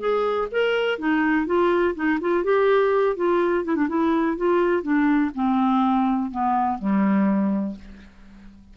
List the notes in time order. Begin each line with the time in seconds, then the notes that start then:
0.00 G#4
0.52 A#4
0.99 D#4
1.47 F4
1.95 D#4
2.21 F4
2.44 G4
3.16 F4
3.65 E4
3.76 D4
3.89 E4
4.37 F4
4.83 D4
5.35 C4
6.31 B3
6.79 G3